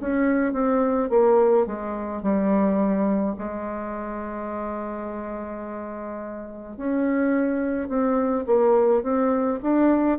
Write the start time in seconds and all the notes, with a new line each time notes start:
0.00 C#4
0.52 C4
1.10 A#3
1.66 G#3
2.22 G3
3.38 G#3
6.77 C#4
7.88 C4
8.46 A#3
9.03 C4
9.62 D4